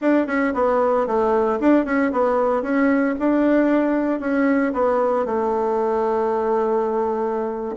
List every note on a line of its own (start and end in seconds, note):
0.01 0.27 D4
0.27 0.53 C#4
0.54 1.06 B3
1.06 1.59 A3
1.59 1.85 D4
1.85 2.11 C#4
2.11 2.62 B3
2.62 3.14 C#4
3.19 4.20 D4
4.20 4.72 C#4
4.73 5.25 B3
5.25 7.75 A3